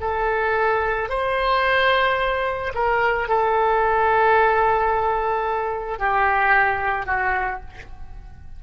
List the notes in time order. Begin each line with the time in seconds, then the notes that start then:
0.00 A4
1.09 C5
2.74 A#4
3.28 A4
5.99 G4
7.06 F#4